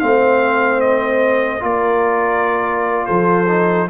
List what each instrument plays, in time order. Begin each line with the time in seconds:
0.00 tuba A3, trombone C4, horn C5, trumpet F5
0.81 trumpet D#5
1.61 tuba A#3, trombone F4, horn A#4, trumpet D5
3.06 tuba F3, horn A4, trumpet C5
3.48 trombone D#4